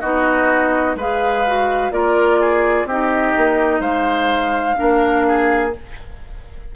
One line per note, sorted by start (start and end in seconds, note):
0.00 0.95 B3
0.00 0.97 D#4
0.00 0.96 F#4
0.00 0.95 D#5
0.95 1.91 G#3
0.95 1.46 G#4
0.95 1.92 B4
0.95 1.92 F5
1.47 1.91 F#4
1.91 2.85 A#3
1.91 2.87 F4
1.91 2.40 A#4
1.91 2.87 D5
2.40 2.87 G#4
2.85 3.33 C4
2.85 4.75 D#4
2.85 3.80 G4
2.85 3.81 D#5
3.37 3.80 A#3
3.80 4.75 G#3
3.80 4.76 C5
3.80 5.71 F5
4.75 5.75 A#3
4.75 5.70 D4
4.75 5.27 A#4
5.27 5.75 G#4